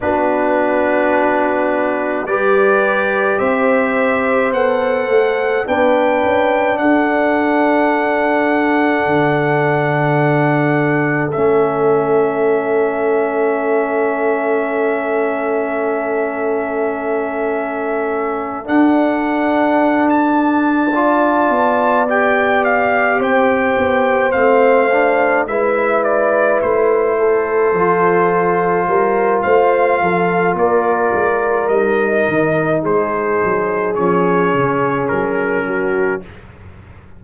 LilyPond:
<<
  \new Staff \with { instrumentName = "trumpet" } { \time 4/4 \tempo 4 = 53 b'2 d''4 e''4 | fis''4 g''4 fis''2~ | fis''2 e''2~ | e''1~ |
e''8 fis''4~ fis''16 a''4.~ a''16 g''8 | f''8 g''4 f''4 e''8 d''8 c''8~ | c''2 f''4 d''4 | dis''4 c''4 cis''4 ais'4 | }
  \new Staff \with { instrumentName = "horn" } { \time 4/4 fis'2 b'4 c''4~ | c''4 b'4 a'2~ | a'1~ | a'1~ |
a'2~ a'8 d''4.~ | d''8 c''2 b'4. | a'4. ais'8 c''8 a'8 ais'4~ | ais'4 gis'2~ gis'8 fis'8 | }
  \new Staff \with { instrumentName = "trombone" } { \time 4/4 d'2 g'2 | a'4 d'2.~ | d'2 cis'2~ | cis'1~ |
cis'8 d'2 f'4 g'8~ | g'4. c'8 d'8 e'4.~ | e'8 f'2.~ f'8 | dis'2 cis'2 | }
  \new Staff \with { instrumentName = "tuba" } { \time 4/4 b2 g4 c'4 | b8 a8 b8 cis'8 d'2 | d2 a2~ | a1~ |
a8 d'2~ d'8 b4~ | b8 c'8 b8 a4 gis4 a8~ | a8 f4 g8 a8 f8 ais8 gis8 | g8 dis8 gis8 fis8 f8 cis8 fis4 | }
>>